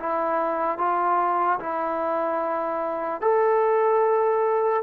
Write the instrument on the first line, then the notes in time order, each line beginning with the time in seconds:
trombone
0.00 E4
0.78 F4
1.60 E4
3.21 A4